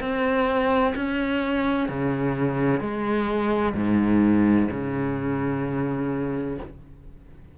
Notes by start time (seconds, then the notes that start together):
0.00 C4
0.95 C#4
1.89 C#3
2.80 G#3
3.75 G#2
4.70 C#3